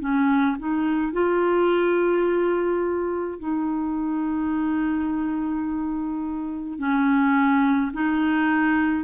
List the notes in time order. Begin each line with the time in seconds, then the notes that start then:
0.00 C#4
0.59 D#4
1.13 F4
3.39 D#4
6.79 C#4
7.93 D#4